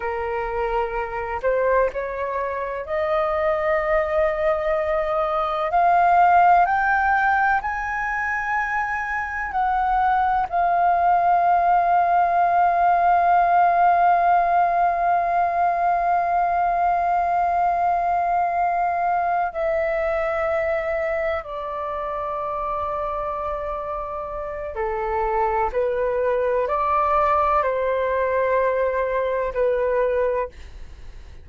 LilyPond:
\new Staff \with { instrumentName = "flute" } { \time 4/4 \tempo 4 = 63 ais'4. c''8 cis''4 dis''4~ | dis''2 f''4 g''4 | gis''2 fis''4 f''4~ | f''1~ |
f''1~ | f''8 e''2 d''4.~ | d''2 a'4 b'4 | d''4 c''2 b'4 | }